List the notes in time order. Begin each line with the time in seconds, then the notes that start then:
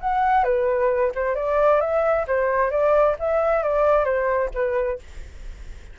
0.00 F#5
0.44 B4
1.15 C5
1.35 D5
1.80 E5
2.27 C5
2.70 D5
3.19 E5
3.63 D5
4.04 C5
4.54 B4